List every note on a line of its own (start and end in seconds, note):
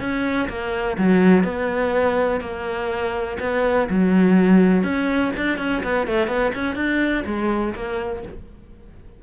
0.00 0.48 C#4
0.49 0.97 A#3
0.98 1.44 F#3
1.44 2.41 B3
2.41 3.37 A#3
3.40 3.88 B3
3.90 4.84 F#3
4.84 5.32 C#4
5.37 5.58 D4
5.58 5.83 C#4
5.83 6.07 B3
6.07 6.27 A3
6.27 6.52 B3
6.55 6.76 C#4
6.76 7.24 D4
7.26 7.74 G#3
7.75 8.23 A#3